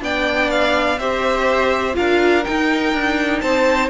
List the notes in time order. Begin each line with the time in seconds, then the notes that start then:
0.00 B3 D4 D5 G5
0.50 F5
0.98 C4 G4 C5 E5
1.93 D4 F4 A#4 F5
2.44 D#4 G5
2.93 D4
3.41 C4 C5 A5